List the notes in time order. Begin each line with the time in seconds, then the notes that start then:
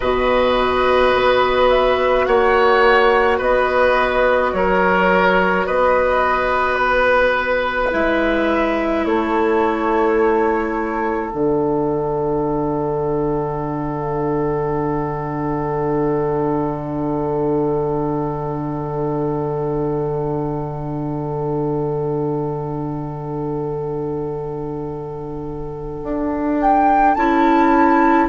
0.00 B2 F#4 B4 D#5
1.14 B3
1.69 E5
2.25 A#3 C#5 F#5
3.37 B3 B4 D#5
4.53 F#3 A#4 C#5
5.66 B3 B4 D#5
6.75 B4
7.91 G#3 E4 E5
9.05 A3 A4 C#5
11.30 D3 D4 F#5
26.03 D4
26.61 G5
27.14 C#4 E4 A5